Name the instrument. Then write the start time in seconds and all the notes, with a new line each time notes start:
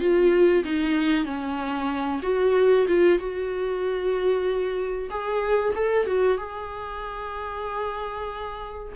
viola
0.00 F4
0.64 D#4
1.25 C#4
2.23 F#4
2.88 F4
3.19 F#4
5.10 G#4
5.75 A4
6.06 F#4
6.38 G#4